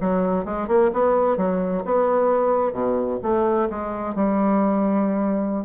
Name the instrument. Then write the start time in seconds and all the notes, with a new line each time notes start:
bassoon
0.00 F#3
0.44 G#3
0.67 A#3
0.93 B3
1.37 F#3
1.85 B3
2.72 B2
3.22 A3
3.69 G#3
4.14 G3